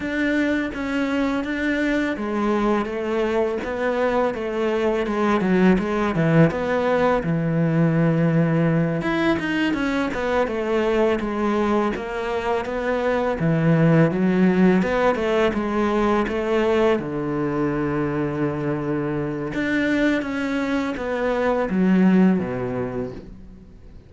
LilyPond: \new Staff \with { instrumentName = "cello" } { \time 4/4 \tempo 4 = 83 d'4 cis'4 d'4 gis4 | a4 b4 a4 gis8 fis8 | gis8 e8 b4 e2~ | e8 e'8 dis'8 cis'8 b8 a4 gis8~ |
gis8 ais4 b4 e4 fis8~ | fis8 b8 a8 gis4 a4 d8~ | d2. d'4 | cis'4 b4 fis4 b,4 | }